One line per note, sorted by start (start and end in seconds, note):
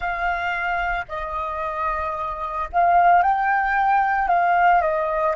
0.00 1.05 F5
1.08 2.68 D#5
2.72 3.22 F5
3.22 4.28 G5
4.28 4.81 F5
4.81 5.35 D#5